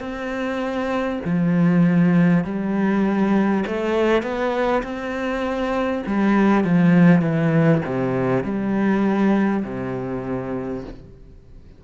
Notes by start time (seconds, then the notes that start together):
0.00 C4
1.25 F3
2.44 G3
3.67 A3
4.22 B3
4.83 C4
6.07 G3
6.64 F3
7.21 E3
7.85 C3
8.44 G3
9.64 C3